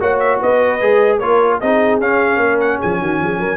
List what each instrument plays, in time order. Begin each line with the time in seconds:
0.00 tuba A#3, trombone F#4, horn C#5, trumpet F#5
0.19 trumpet E5
0.41 tuba B3, horn B4, trumpet D#5
0.81 tuba G#3, trombone G#4
1.19 tuba A#3, trombone F4, horn A#4, trumpet C#5
1.60 tuba C4, trombone D#4, horn G#4, trumpet D#5
2.00 tuba C#4, trombone C#4, trumpet F5
2.37 tuba A#3, horn A#4
2.60 trumpet F#5
2.79 tuba F3, horn G#4, trumpet G#5
3.01 tuba D#3, horn F#4
3.20 tuba F3, horn G#4
3.39 tuba F#3, horn A#4